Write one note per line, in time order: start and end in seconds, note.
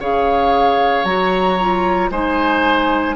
0.00 1.04 C#3
0.00 1.05 G#4
0.00 2.11 C#5
0.00 1.05 F5
1.04 2.09 F#3
1.04 1.58 F#4
1.04 2.10 A#5
1.60 2.12 F4
2.10 3.15 G#3
2.10 3.16 D#4
2.10 3.16 C5
2.10 3.16 G#5